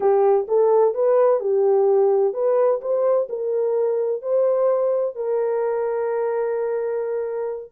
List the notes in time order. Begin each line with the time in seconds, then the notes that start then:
0.00 G4
0.48 A4
0.94 B4
1.40 G4
2.33 B4
2.81 C5
3.29 A#4
4.22 C5
5.15 A#4